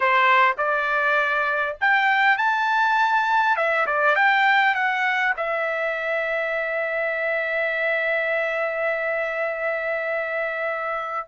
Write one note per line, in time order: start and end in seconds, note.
0.00 0.55 C5
0.57 1.76 D5
1.80 2.37 G5
2.37 3.56 A5
3.56 3.86 E5
3.86 4.15 D5
4.15 4.74 G5
4.74 5.34 F#5
5.36 11.27 E5